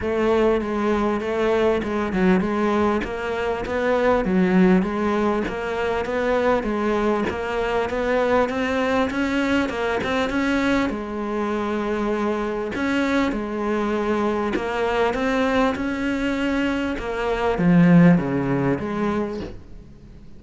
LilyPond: \new Staff \with { instrumentName = "cello" } { \time 4/4 \tempo 4 = 99 a4 gis4 a4 gis8 fis8 | gis4 ais4 b4 fis4 | gis4 ais4 b4 gis4 | ais4 b4 c'4 cis'4 |
ais8 c'8 cis'4 gis2~ | gis4 cis'4 gis2 | ais4 c'4 cis'2 | ais4 f4 cis4 gis4 | }